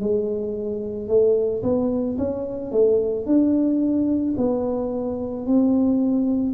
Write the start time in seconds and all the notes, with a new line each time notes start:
0.00 G#3
1.08 A3
1.63 B3
2.18 C#4
2.71 A3
3.26 D4
4.37 B3
5.46 C4